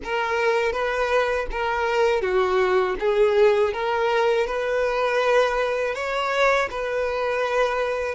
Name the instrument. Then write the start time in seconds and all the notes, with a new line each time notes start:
violin
0.03 A#4
0.72 B4
1.51 A#4
2.21 F#4
2.99 G#4
3.73 A#4
4.46 B4
5.95 C#5
6.70 B4